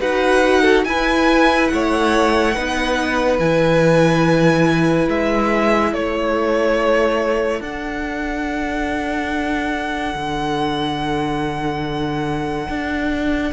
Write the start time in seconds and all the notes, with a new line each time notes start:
0.00 D#4 F#4 B4 F#5
0.62 A4
0.85 E4 B4 G#5
1.68 A3 C#5 F#5
2.55 B3 D#4 B4
3.39 E3 E4 G#5
5.08 G#3 E5
5.91 A3 A4 C#5
7.61 D4 F#5
10.15 D3
12.69 D4